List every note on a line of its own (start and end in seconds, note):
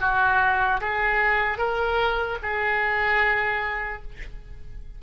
0.00 0.80 F#4
0.80 1.58 G#4
1.58 2.38 A#4
2.42 4.02 G#4